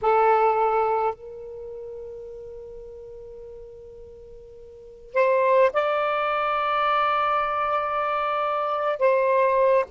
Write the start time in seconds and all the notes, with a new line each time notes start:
0.01 A4
1.14 A#4
5.14 C5
5.73 D5
8.99 C5